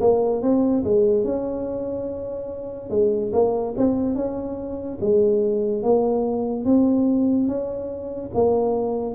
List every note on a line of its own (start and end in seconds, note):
0.00 0.41 A#3
0.41 0.83 C4
0.83 1.24 G#3
1.24 2.90 C#4
2.90 3.31 G#3
3.32 3.74 A#3
3.77 4.15 C4
4.15 4.98 C#4
5.00 5.82 G#3
5.82 6.64 A#3
6.64 7.47 C4
7.47 8.31 C#4
8.33 9.14 A#3